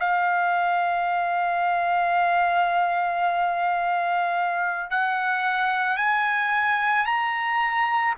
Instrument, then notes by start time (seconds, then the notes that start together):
trumpet
0.00 F5
4.90 F#5
5.97 G#5
7.06 A#5